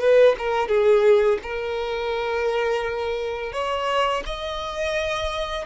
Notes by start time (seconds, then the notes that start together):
0.00 B4
0.38 A#4
0.68 G#4
1.43 A#4
3.53 C#5
4.26 D#5